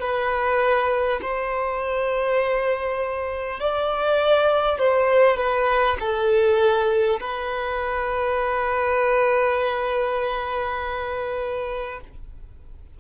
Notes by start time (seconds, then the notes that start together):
0.00 B4
1.22 C5
3.59 D5
4.79 C5
5.37 B4
5.99 A4
7.20 B4